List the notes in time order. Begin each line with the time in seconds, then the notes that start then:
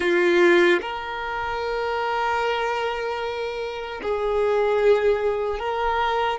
0.00 F4
0.81 A#4
4.02 G#4
5.59 A#4